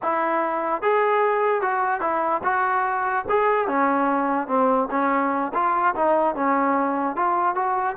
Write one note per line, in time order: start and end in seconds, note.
0.02 0.82 E4
0.82 1.61 G#4
1.61 2.00 F#4
2.00 2.41 E4
2.43 3.25 F#4
3.29 3.67 G#4
3.67 4.47 C#4
4.47 4.88 C4
4.90 5.52 C#4
5.53 5.94 F4
5.95 6.35 D#4
6.35 7.16 C#4
7.16 7.55 F4
7.55 7.96 F#4